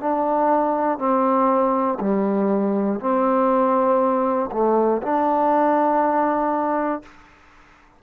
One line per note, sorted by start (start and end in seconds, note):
0.00 0.98 D4
0.98 1.98 C4
2.00 3.00 G3
3.00 4.50 C4
4.52 5.02 A3
5.03 7.03 D4